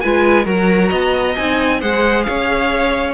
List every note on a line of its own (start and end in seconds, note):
0.00 0.46 G#3
0.00 0.44 F4
0.00 0.45 B4
0.00 0.45 G#5
0.44 0.90 F#3
0.44 1.34 F#4
0.44 0.89 A#4
0.44 1.35 A#5
0.89 1.35 B3
0.89 1.78 D#5
1.35 1.82 C4
1.35 1.80 D#4
1.35 1.80 G#5
1.80 2.26 G#3
1.80 3.13 G#4
1.80 2.25 C5
1.80 2.23 F#5
2.23 3.13 C#5
2.23 3.12 F5
2.29 3.13 C#4